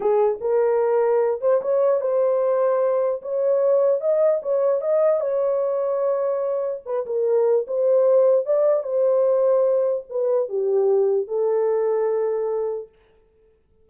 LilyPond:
\new Staff \with { instrumentName = "horn" } { \time 4/4 \tempo 4 = 149 gis'4 ais'2~ ais'8 c''8 | cis''4 c''2. | cis''2 dis''4 cis''4 | dis''4 cis''2.~ |
cis''4 b'8 ais'4. c''4~ | c''4 d''4 c''2~ | c''4 b'4 g'2 | a'1 | }